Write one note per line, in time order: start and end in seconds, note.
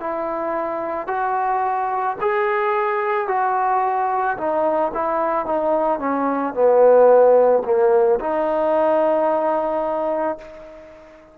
0.00 1.07 E4
1.07 2.16 F#4
2.21 3.28 G#4
3.28 4.37 F#4
4.37 4.92 D#4
4.94 5.45 E4
5.45 6.00 D#4
6.00 6.54 C#4
6.54 7.63 B3
7.65 8.19 A#3
8.20 10.38 D#4